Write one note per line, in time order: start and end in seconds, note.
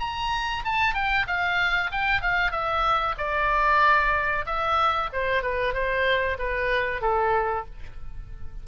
0.00 0.64 A#5
0.65 0.94 A5
0.94 1.26 G5
1.27 1.91 F5
1.91 2.21 G5
2.21 2.51 F5
2.51 3.15 E5
3.18 4.45 D5
4.46 5.09 E5
5.12 5.43 C5
5.43 5.74 B4
5.74 6.37 C5
6.39 7.02 B4
7.02 7.65 A4